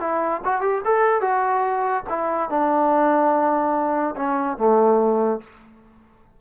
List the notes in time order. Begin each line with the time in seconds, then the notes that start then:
0.00 E4
0.45 F#4
0.61 G4
0.85 A4
1.21 F#4
2.09 E4
2.50 D4
4.16 C#4
4.58 A3